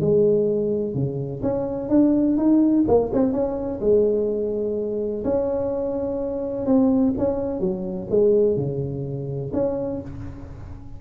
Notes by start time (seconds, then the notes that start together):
0.00 G#3
0.94 C#3
1.42 C#4
1.89 D4
2.37 D#4
2.87 A#3
3.13 C4
3.32 C#4
3.80 G#3
5.24 C#4
6.66 C4
7.18 C#4
7.60 F#3
8.10 G#3
8.56 C#3
9.53 C#4